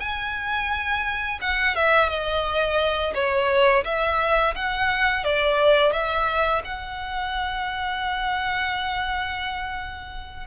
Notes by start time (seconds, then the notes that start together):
0.00 G#5
1.41 F#5
1.75 E5
2.09 D#5
3.14 C#5
3.85 E5
4.55 F#5
5.24 D5
5.93 E5
6.65 F#5